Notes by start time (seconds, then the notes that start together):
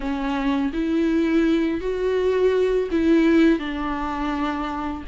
0.00 C#4
0.73 E4
1.80 F#4
2.91 E4
3.59 D4